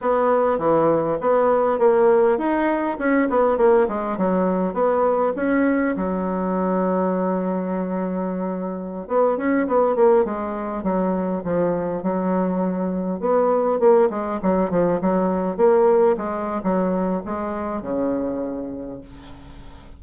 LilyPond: \new Staff \with { instrumentName = "bassoon" } { \time 4/4 \tempo 4 = 101 b4 e4 b4 ais4 | dis'4 cis'8 b8 ais8 gis8 fis4 | b4 cis'4 fis2~ | fis2.~ fis16 b8 cis'16~ |
cis'16 b8 ais8 gis4 fis4 f8.~ | f16 fis2 b4 ais8 gis16~ | gis16 fis8 f8 fis4 ais4 gis8. | fis4 gis4 cis2 | }